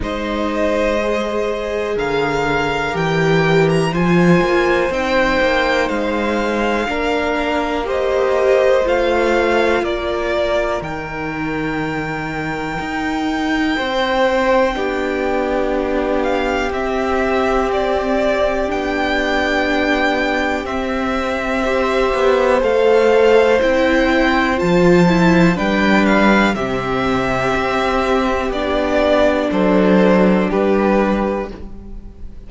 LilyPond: <<
  \new Staff \with { instrumentName = "violin" } { \time 4/4 \tempo 4 = 61 dis''2 f''4 g''8. ais''16 | gis''4 g''4 f''2 | dis''4 f''4 d''4 g''4~ | g''1~ |
g''8 f''8 e''4 d''4 g''4~ | g''4 e''2 f''4 | g''4 a''4 g''8 f''8 e''4~ | e''4 d''4 c''4 b'4 | }
  \new Staff \with { instrumentName = "violin" } { \time 4/4 c''2 ais'2 | c''2. ais'4 | c''2 ais'2~ | ais'2 c''4 g'4~ |
g'1~ | g'2 c''2~ | c''2 b'4 g'4~ | g'2 a'4 g'4 | }
  \new Staff \with { instrumentName = "viola" } { \time 4/4 dis'4 gis'2 g'4 | f'4 dis'2 d'4 | g'4 f'2 dis'4~ | dis'2. d'4~ |
d'4 c'2 d'4~ | d'4 c'4 g'4 a'4 | e'4 f'8 e'8 d'4 c'4~ | c'4 d'2. | }
  \new Staff \with { instrumentName = "cello" } { \time 4/4 gis2 d4 e4 | f8 ais8 c'8 ais8 gis4 ais4~ | ais4 a4 ais4 dis4~ | dis4 dis'4 c'4 b4~ |
b4 c'2 b4~ | b4 c'4. b8 a4 | c'4 f4 g4 c4 | c'4 b4 fis4 g4 | }
>>